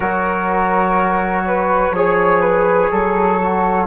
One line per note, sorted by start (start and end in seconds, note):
0.00 1.91 F#3
0.00 1.94 F#4
0.00 1.44 A#4
0.00 3.87 C#5
1.47 1.95 B4
1.91 2.87 F3
1.91 3.40 G#4
1.91 2.41 C#5
2.41 2.89 B4
2.91 3.87 F#3
2.91 3.87 A4
3.41 3.87 F#4